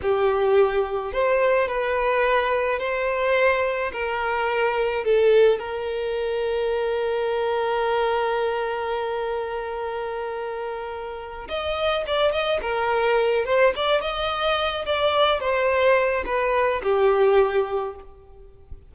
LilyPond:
\new Staff \with { instrumentName = "violin" } { \time 4/4 \tempo 4 = 107 g'2 c''4 b'4~ | b'4 c''2 ais'4~ | ais'4 a'4 ais'2~ | ais'1~ |
ais'1~ | ais'8 dis''4 d''8 dis''8 ais'4. | c''8 d''8 dis''4. d''4 c''8~ | c''4 b'4 g'2 | }